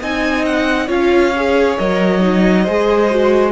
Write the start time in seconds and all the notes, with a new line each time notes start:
0.00 C4 D#4 D#5 G#5
0.45 F#5
0.87 C#4 F4 C#5 F5
1.37 G#4
1.78 F#3 A#4 D#5
2.20 D#4
2.64 G#3 G#4 C5
3.11 F#4